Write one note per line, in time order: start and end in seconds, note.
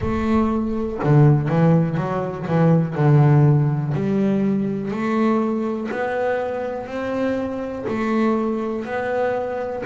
0.00 0.99 A3
1.03 1.48 D3
1.48 1.97 E3
1.97 2.46 F#3
2.47 2.95 E3
2.95 3.93 D3
3.93 4.91 G3
4.91 5.89 A3
5.91 6.86 B3
6.86 7.85 C4
7.87 8.85 A3
8.85 9.83 B3